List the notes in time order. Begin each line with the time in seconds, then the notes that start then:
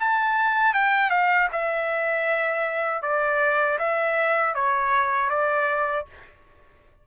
0.00 A5
0.74 G5
1.11 F5
1.53 E5
3.03 D5
3.79 E5
4.55 C#5
5.30 D5